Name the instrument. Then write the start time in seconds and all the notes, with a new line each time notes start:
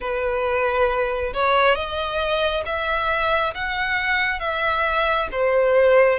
violin
0.00 B4
1.33 C#5
1.75 D#5
2.65 E5
3.54 F#5
4.39 E5
5.31 C5